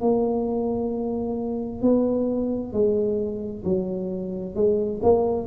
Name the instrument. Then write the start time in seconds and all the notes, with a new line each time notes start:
tuba
0.00 A#3
1.81 B3
2.72 G#3
3.64 F#3
4.55 G#3
5.02 A#3